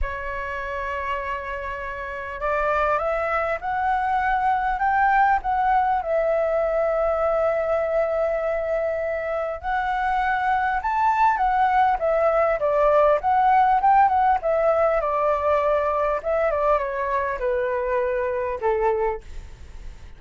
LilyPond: \new Staff \with { instrumentName = "flute" } { \time 4/4 \tempo 4 = 100 cis''1 | d''4 e''4 fis''2 | g''4 fis''4 e''2~ | e''1 |
fis''2 a''4 fis''4 | e''4 d''4 fis''4 g''8 fis''8 | e''4 d''2 e''8 d''8 | cis''4 b'2 a'4 | }